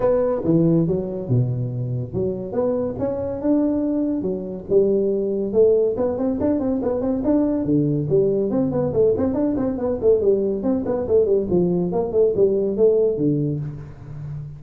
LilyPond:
\new Staff \with { instrumentName = "tuba" } { \time 4/4 \tempo 4 = 141 b4 e4 fis4 b,4~ | b,4 fis4 b4 cis'4 | d'2 fis4 g4~ | g4 a4 b8 c'8 d'8 c'8 |
b8 c'8 d'4 d4 g4 | c'8 b8 a8 c'8 d'8 c'8 b8 a8 | g4 c'8 b8 a8 g8 f4 | ais8 a8 g4 a4 d4 | }